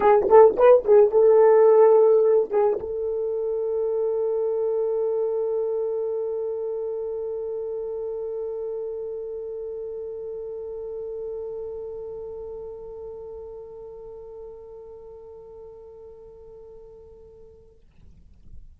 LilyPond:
\new Staff \with { instrumentName = "horn" } { \time 4/4 \tempo 4 = 108 gis'8 a'8 b'8 gis'8 a'2~ | a'8 gis'8 a'2.~ | a'1~ | a'1~ |
a'1~ | a'1~ | a'1~ | a'1 | }